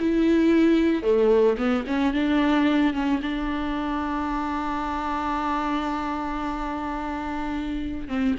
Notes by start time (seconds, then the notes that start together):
0.00 E4
1.03 A3
1.57 B3
1.87 C#4
2.14 D4
2.94 C#4
3.22 D4
8.08 C4